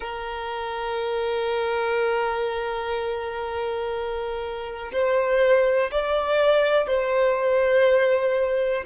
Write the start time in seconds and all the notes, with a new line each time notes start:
0.00 A#4
4.92 C5
5.91 D5
6.87 C5